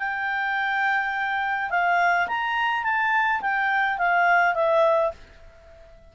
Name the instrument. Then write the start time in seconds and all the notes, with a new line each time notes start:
clarinet
0.00 G5
1.70 F5
2.28 A#5
2.84 A5
3.42 G5
3.98 F5
4.55 E5